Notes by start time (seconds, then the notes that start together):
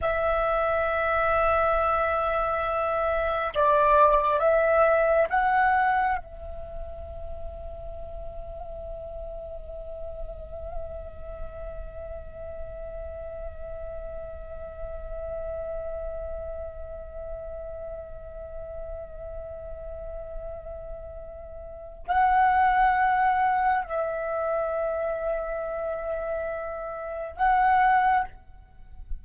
0.01 E5
3.54 D5
4.39 E5
5.29 F#5
6.17 E5
22.07 F#5
23.84 E5
27.36 F#5